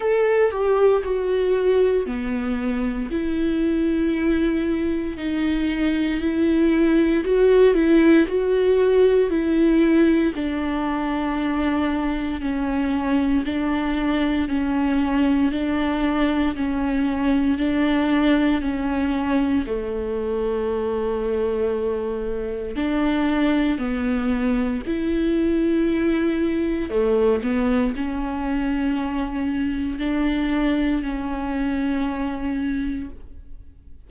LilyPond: \new Staff \with { instrumentName = "viola" } { \time 4/4 \tempo 4 = 58 a'8 g'8 fis'4 b4 e'4~ | e'4 dis'4 e'4 fis'8 e'8 | fis'4 e'4 d'2 | cis'4 d'4 cis'4 d'4 |
cis'4 d'4 cis'4 a4~ | a2 d'4 b4 | e'2 a8 b8 cis'4~ | cis'4 d'4 cis'2 | }